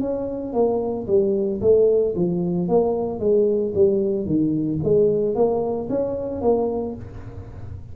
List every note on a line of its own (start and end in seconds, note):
0.00 0.53 C#4
0.53 1.07 A#3
1.07 1.61 G3
1.61 2.14 A3
2.15 2.68 F3
2.68 3.19 A#3
3.19 3.73 G#3
3.75 4.26 G3
4.26 4.79 D#3
4.83 5.35 G#3
5.35 5.88 A#3
5.89 6.41 C#4
6.41 6.95 A#3